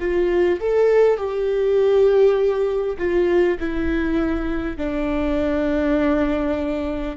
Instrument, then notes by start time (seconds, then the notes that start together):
viola
0.00 F4
0.61 A4
1.18 G4
2.98 F4
3.60 E4
4.78 D4